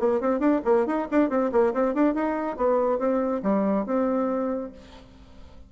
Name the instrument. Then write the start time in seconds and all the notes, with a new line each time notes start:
bassoon
0.00 A#3
0.21 C4
0.40 D4
0.65 A#3
0.86 D#4
1.11 D4
1.30 C4
1.52 A#3
1.74 C4
1.95 D4
2.15 D#4
2.57 B3
2.99 C4
3.43 G3
3.86 C4